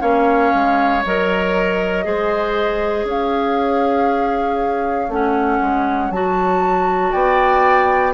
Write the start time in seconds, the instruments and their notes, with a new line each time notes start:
0.00 bassoon A#3, clarinet C#4, oboe C#5, flute F5
0.54 bassoon G#3
1.04 bassoon F#3, clarinet A#4, flute D#5
2.04 bassoon G#3, clarinet G#4, oboe C5
3.04 bassoon C#4, oboe C#5, flute F5
5.08 bassoon A3, clarinet C#4, flute F#5
5.61 bassoon G#3
6.10 bassoon F#3, clarinet F#4, flute A5
7.11 bassoon B3, oboe D5, flute G5